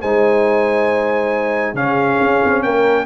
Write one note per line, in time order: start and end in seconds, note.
0.00 1.74 G#3
0.00 1.76 D#4
0.00 1.75 C5
0.00 1.76 G#5
1.74 2.18 C#3
1.74 3.05 C#4
1.74 2.64 G#4
1.74 2.62 F5
2.20 2.42 C#4
2.44 2.64 C4
2.62 3.05 A#3
2.62 3.05 A#4
2.62 3.05 G5